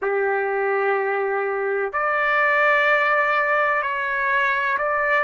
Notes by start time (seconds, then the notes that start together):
0.02 G4
1.92 D5
3.82 C#5
4.77 D5